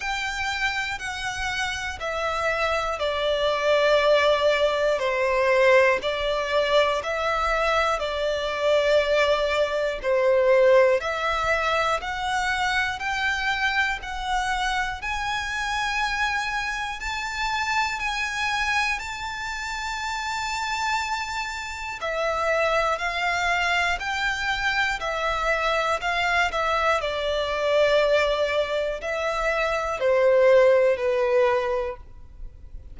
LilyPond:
\new Staff \with { instrumentName = "violin" } { \time 4/4 \tempo 4 = 60 g''4 fis''4 e''4 d''4~ | d''4 c''4 d''4 e''4 | d''2 c''4 e''4 | fis''4 g''4 fis''4 gis''4~ |
gis''4 a''4 gis''4 a''4~ | a''2 e''4 f''4 | g''4 e''4 f''8 e''8 d''4~ | d''4 e''4 c''4 b'4 | }